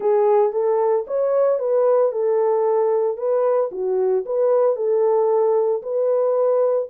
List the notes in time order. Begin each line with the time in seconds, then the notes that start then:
0.00 G#4
0.52 A4
1.07 C#5
1.59 B4
2.12 A4
3.17 B4
3.71 F#4
4.25 B4
4.75 A4
5.82 B4